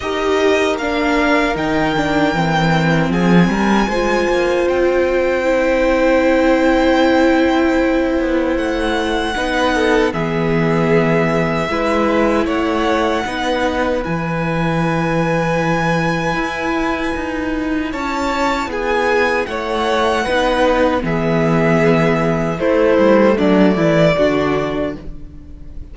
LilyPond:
<<
  \new Staff \with { instrumentName = "violin" } { \time 4/4 \tempo 4 = 77 dis''4 f''4 g''2 | gis''2 g''2~ | g''2. fis''4~ | fis''4 e''2. |
fis''2 gis''2~ | gis''2. a''4 | gis''4 fis''2 e''4~ | e''4 c''4 d''2 | }
  \new Staff \with { instrumentName = "violin" } { \time 4/4 ais'1 | gis'8 ais'8 c''2.~ | c''1 | b'8 a'8 gis'2 b'4 |
cis''4 b'2.~ | b'2. cis''4 | gis'4 cis''4 b'4 gis'4~ | gis'4 e'4 d'8 e'8 fis'4 | }
  \new Staff \with { instrumentName = "viola" } { \time 4/4 g'4 d'4 dis'8 d'8 c'4~ | c'4 f'2 e'4~ | e'1 | dis'4 b2 e'4~ |
e'4 dis'4 e'2~ | e'1~ | e'2 dis'4 b4~ | b4 a2 d'4 | }
  \new Staff \with { instrumentName = "cello" } { \time 4/4 dis'4 ais4 dis4 e4 | f8 g8 gis8 ais8 c'2~ | c'2~ c'8 b8 a4 | b4 e2 gis4 |
a4 b4 e2~ | e4 e'4 dis'4 cis'4 | b4 a4 b4 e4~ | e4 a8 g8 fis8 e8 d4 | }
>>